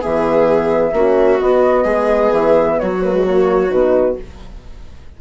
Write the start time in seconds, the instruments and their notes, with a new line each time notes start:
0.00 bassoon E3, horn B3, viola G#4, flute E5
0.92 bassoon A#3, horn C#4, viola F#4
1.39 horn B3, bassoon B3, flute D#5
1.84 bassoon G#3, viola G#4
2.32 bassoon E3, flute E5
2.79 bassoon F#3, viola F#4, flute C#5
3.02 horn A#3, flute B4
3.13 horn G#3
3.26 horn A#3, flute C#5
3.69 bassoon B2, horn D#4, flute B4